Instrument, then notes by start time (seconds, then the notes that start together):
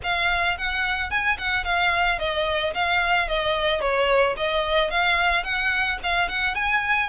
violin
0.03 F5
0.57 F#5
1.10 G#5
1.38 F#5
1.64 F5
2.18 D#5
2.74 F5
3.28 D#5
3.81 C#5
4.37 D#5
4.90 F5
5.43 F#5
6.03 F5
6.29 F#5
6.55 G#5